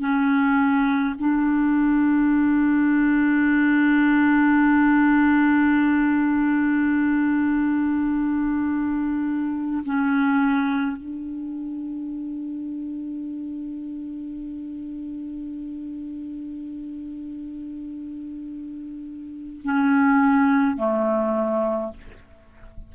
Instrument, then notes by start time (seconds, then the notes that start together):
clarinet
0.00 C#4
1.19 D4
9.85 C#4
10.97 D4
19.64 C#4
20.77 A3